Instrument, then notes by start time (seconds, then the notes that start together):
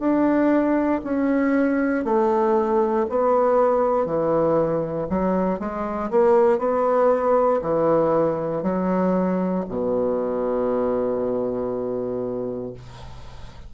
bassoon
0.00 D4
1.04 C#4
2.05 A3
3.10 B3
4.06 E3
5.10 F#3
5.60 G#3
6.11 A#3
6.59 B3
7.62 E3
8.63 F#3
9.69 B2